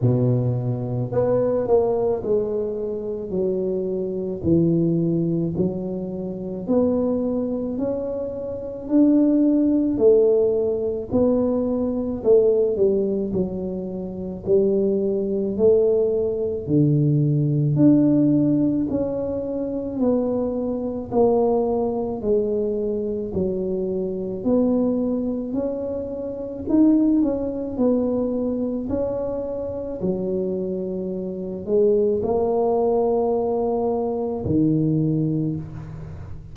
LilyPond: \new Staff \with { instrumentName = "tuba" } { \time 4/4 \tempo 4 = 54 b,4 b8 ais8 gis4 fis4 | e4 fis4 b4 cis'4 | d'4 a4 b4 a8 g8 | fis4 g4 a4 d4 |
d'4 cis'4 b4 ais4 | gis4 fis4 b4 cis'4 | dis'8 cis'8 b4 cis'4 fis4~ | fis8 gis8 ais2 dis4 | }